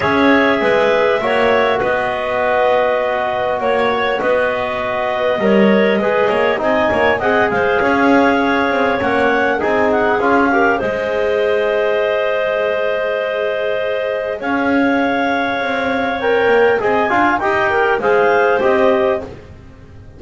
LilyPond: <<
  \new Staff \with { instrumentName = "clarinet" } { \time 4/4 \tempo 4 = 100 e''2. dis''4~ | dis''2 cis''4 dis''4~ | dis''2. gis''4 | fis''8 f''2~ f''8 fis''4 |
gis''8 fis''8 f''4 dis''2~ | dis''1 | f''2. g''4 | gis''4 g''4 f''4 dis''4 | }
  \new Staff \with { instrumentName = "clarinet" } { \time 4/4 cis''4 b'4 cis''4 b'4~ | b'2 cis''4 b'4~ | b'4 cis''4 b'8 cis''8 dis''8 cis''8 | dis''8 c''8 cis''2. |
gis'4. ais'8 c''2~ | c''1 | cis''1 | dis''8 f''8 dis''8 ais'8 c''2 | }
  \new Staff \with { instrumentName = "trombone" } { \time 4/4 gis'2 fis'2~ | fis'1~ | fis'4 ais'4 gis'4 dis'4 | gis'2. cis'4 |
dis'4 f'8 g'8 gis'2~ | gis'1~ | gis'2. ais'4 | gis'8 f'8 g'4 gis'4 g'4 | }
  \new Staff \with { instrumentName = "double bass" } { \time 4/4 cis'4 gis4 ais4 b4~ | b2 ais4 b4~ | b4 g4 gis8 ais8 c'8 ais8 | c'8 gis8 cis'4. c'8 ais4 |
c'4 cis'4 gis2~ | gis1 | cis'2 c'4. ais8 | c'8 d'8 dis'4 gis4 c'4 | }
>>